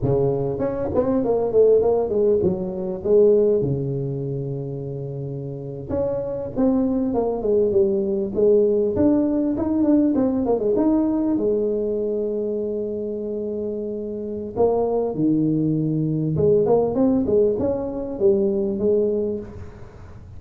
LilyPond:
\new Staff \with { instrumentName = "tuba" } { \time 4/4 \tempo 4 = 99 cis4 cis'8 c'8 ais8 a8 ais8 gis8 | fis4 gis4 cis2~ | cis4.~ cis16 cis'4 c'4 ais16~ | ais16 gis8 g4 gis4 d'4 dis'16~ |
dis'16 d'8 c'8 ais16 gis16 dis'4 gis4~ gis16~ | gis1 | ais4 dis2 gis8 ais8 | c'8 gis8 cis'4 g4 gis4 | }